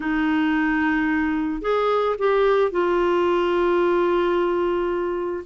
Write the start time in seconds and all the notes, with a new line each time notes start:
0.00 D#4
1.61 G#4
2.18 G4
2.71 F4